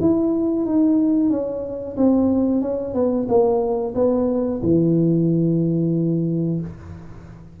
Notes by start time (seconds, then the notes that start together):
0.00 E4
0.65 D#4
1.30 C#4
1.96 C4
2.61 C#4
2.93 B3
3.28 A#3
3.94 B3
4.62 E3